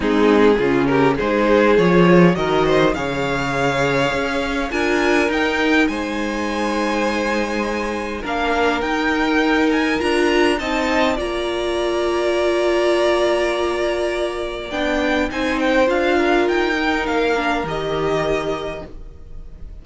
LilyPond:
<<
  \new Staff \with { instrumentName = "violin" } { \time 4/4 \tempo 4 = 102 gis'4. ais'8 c''4 cis''4 | dis''4 f''2. | gis''4 g''4 gis''2~ | gis''2 f''4 g''4~ |
g''8 gis''8 ais''4 a''4 ais''4~ | ais''1~ | ais''4 g''4 gis''8 g''8 f''4 | g''4 f''4 dis''2 | }
  \new Staff \with { instrumentName = "violin" } { \time 4/4 dis'4 f'8 g'8 gis'2 | ais'8 c''8 cis''2. | ais'2 c''2~ | c''2 ais'2~ |
ais'2 dis''4 d''4~ | d''1~ | d''2 c''4. ais'8~ | ais'1 | }
  \new Staff \with { instrumentName = "viola" } { \time 4/4 c'4 cis'4 dis'4 f'4 | fis'4 gis'2. | f'4 dis'2.~ | dis'2 d'4 dis'4~ |
dis'4 f'4 dis'4 f'4~ | f'1~ | f'4 d'4 dis'4 f'4~ | f'8 dis'4 d'8 g'2 | }
  \new Staff \with { instrumentName = "cello" } { \time 4/4 gis4 cis4 gis4 f4 | dis4 cis2 cis'4 | d'4 dis'4 gis2~ | gis2 ais4 dis'4~ |
dis'4 d'4 c'4 ais4~ | ais1~ | ais4 b4 c'4 d'4 | dis'4 ais4 dis2 | }
>>